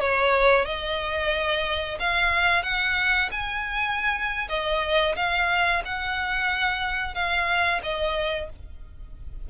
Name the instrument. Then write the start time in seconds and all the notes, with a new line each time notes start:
violin
0.00 C#5
0.65 D#5
1.99 F5
2.63 F#5
3.31 G#5
4.48 D#5
5.16 F5
5.85 F#5
7.14 F5
7.83 D#5